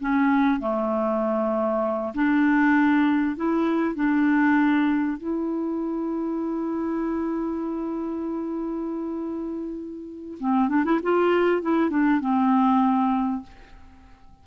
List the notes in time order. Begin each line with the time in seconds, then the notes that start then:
0.00 C#4
0.60 A3
2.14 D4
3.36 E4
3.95 D4
5.17 E4
10.39 C4
10.68 D4
10.85 E4
11.03 F4
11.62 E4
11.90 D4
12.20 C4